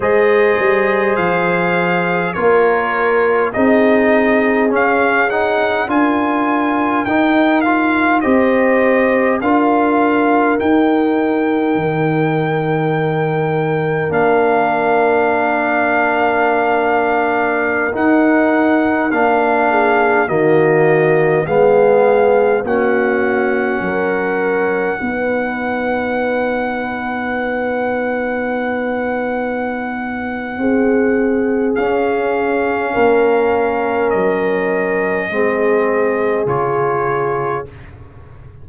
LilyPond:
<<
  \new Staff \with { instrumentName = "trumpet" } { \time 4/4 \tempo 4 = 51 dis''4 f''4 cis''4 dis''4 | f''8 fis''8 gis''4 g''8 f''8 dis''4 | f''4 g''2. | f''2.~ f''16 fis''8.~ |
fis''16 f''4 dis''4 f''4 fis''8.~ | fis''1~ | fis''2. f''4~ | f''4 dis''2 cis''4 | }
  \new Staff \with { instrumentName = "horn" } { \time 4/4 c''2 ais'4 gis'4~ | gis'4 ais'2 c''4 | ais'1~ | ais'1~ |
ais'8. gis'8 fis'4 gis'4 fis'8.~ | fis'16 ais'4 b'2~ b'8.~ | b'2 gis'2 | ais'2 gis'2 | }
  \new Staff \with { instrumentName = "trombone" } { \time 4/4 gis'2 f'4 dis'4 | cis'8 dis'8 f'4 dis'8 f'8 g'4 | f'4 dis'2. | d'2.~ d'16 dis'8.~ |
dis'16 d'4 ais4 b4 cis'8.~ | cis'4~ cis'16 dis'2~ dis'8.~ | dis'2. cis'4~ | cis'2 c'4 f'4 | }
  \new Staff \with { instrumentName = "tuba" } { \time 4/4 gis8 g8 f4 ais4 c'4 | cis'4 d'4 dis'4 c'4 | d'4 dis'4 dis2 | ais2.~ ais16 dis'8.~ |
dis'16 ais4 dis4 gis4 ais8.~ | ais16 fis4 b2~ b8.~ | b2 c'4 cis'4 | ais4 fis4 gis4 cis4 | }
>>